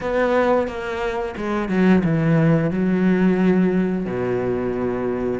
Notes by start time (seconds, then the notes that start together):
0.01 B3
0.67 A#3
1.36 G#3
1.69 F#3
2.04 E3
2.71 F#3
4.05 B2